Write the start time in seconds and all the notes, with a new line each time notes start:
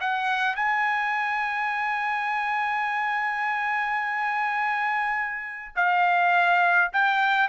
0.00 F#5
0.55 G#5
5.76 F5
6.93 G5